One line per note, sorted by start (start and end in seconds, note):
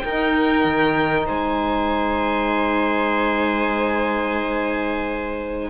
0.00 0.65 D#4
0.00 1.27 A#4
0.00 1.26 G5
0.06 5.71 D#4
0.65 1.28 D#3
1.27 5.71 G#3
1.27 5.69 C5
1.27 5.71 G#5